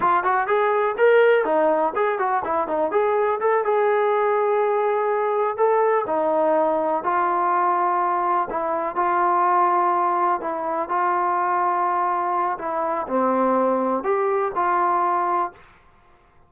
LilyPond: \new Staff \with { instrumentName = "trombone" } { \time 4/4 \tempo 4 = 124 f'8 fis'8 gis'4 ais'4 dis'4 | gis'8 fis'8 e'8 dis'8 gis'4 a'8 gis'8~ | gis'2.~ gis'8 a'8~ | a'8 dis'2 f'4.~ |
f'4. e'4 f'4.~ | f'4. e'4 f'4.~ | f'2 e'4 c'4~ | c'4 g'4 f'2 | }